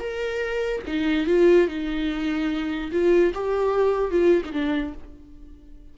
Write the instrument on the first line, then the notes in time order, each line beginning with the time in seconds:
viola
0.00 A#4
0.87 D#4
1.27 F4
1.68 D#4
2.92 F4
3.35 G4
4.12 F4
4.46 D#4
4.53 D4